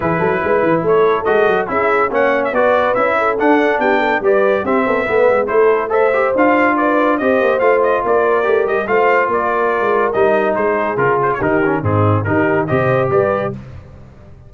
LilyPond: <<
  \new Staff \with { instrumentName = "trumpet" } { \time 4/4 \tempo 4 = 142 b'2 cis''4 dis''4 | e''4 fis''8. e''16 d''4 e''4 | fis''4 g''4 d''4 e''4~ | e''4 c''4 e''4 f''4 |
d''4 dis''4 f''8 dis''8 d''4~ | d''8 dis''8 f''4 d''2 | dis''4 c''4 ais'8 c''16 cis''16 ais'4 | gis'4 ais'4 dis''4 d''4 | }
  \new Staff \with { instrumentName = "horn" } { \time 4/4 gis'8 a'8 b'4 a'2 | gis'4 cis''4 b'4. a'8~ | a'4 g'8 a'8 b'4 g'8 a'8 | b'4 a'4 c''2 |
b'4 c''2 ais'4~ | ais'4 c''4 ais'2~ | ais'4 gis'2 g'4 | dis'4 g'4 c''4 b'4 | }
  \new Staff \with { instrumentName = "trombone" } { \time 4/4 e'2. fis'4 | e'4 cis'4 fis'4 e'4 | d'2 g'4 c'4 | b4 e'4 a'8 g'8 f'4~ |
f'4 g'4 f'2 | g'4 f'2. | dis'2 f'4 dis'8 cis'8 | c'4 dis'4 g'2 | }
  \new Staff \with { instrumentName = "tuba" } { \time 4/4 e8 fis8 gis8 e8 a4 gis8 fis8 | cis'4 ais4 b4 cis'4 | d'4 b4 g4 c'8 b8 | a8 gis8 a2 d'4~ |
d'4 c'8 ais8 a4 ais4 | a8 g8 a4 ais4~ ais16 gis8. | g4 gis4 cis4 dis4 | gis,4 dis4 c4 g4 | }
>>